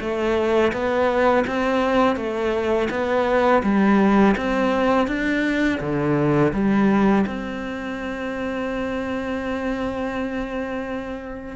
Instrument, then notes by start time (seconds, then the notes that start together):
cello
0.00 A3
0.72 B3
1.47 C4
2.16 A3
2.90 B3
3.63 G3
4.37 C4
5.07 D4
5.80 D3
6.53 G3
7.27 C4